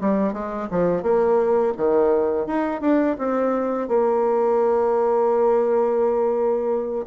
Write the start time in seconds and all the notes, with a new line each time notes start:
0.00 G3
0.33 G#3
0.70 F3
1.02 A#3
1.77 D#3
2.46 D#4
2.81 D4
3.18 C4
3.88 A#3